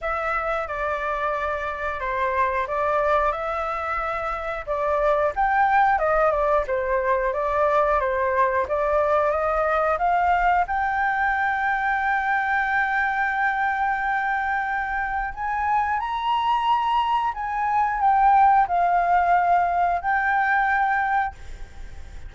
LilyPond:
\new Staff \with { instrumentName = "flute" } { \time 4/4 \tempo 4 = 90 e''4 d''2 c''4 | d''4 e''2 d''4 | g''4 dis''8 d''8 c''4 d''4 | c''4 d''4 dis''4 f''4 |
g''1~ | g''2. gis''4 | ais''2 gis''4 g''4 | f''2 g''2 | }